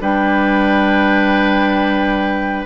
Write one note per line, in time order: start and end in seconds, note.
0.00 2.65 G3
0.00 2.65 D4
0.00 2.65 B4
0.00 2.65 G5